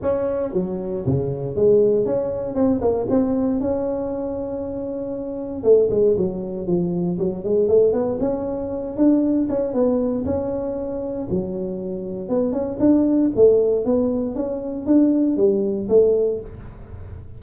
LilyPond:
\new Staff \with { instrumentName = "tuba" } { \time 4/4 \tempo 4 = 117 cis'4 fis4 cis4 gis4 | cis'4 c'8 ais8 c'4 cis'4~ | cis'2. a8 gis8 | fis4 f4 fis8 gis8 a8 b8 |
cis'4. d'4 cis'8 b4 | cis'2 fis2 | b8 cis'8 d'4 a4 b4 | cis'4 d'4 g4 a4 | }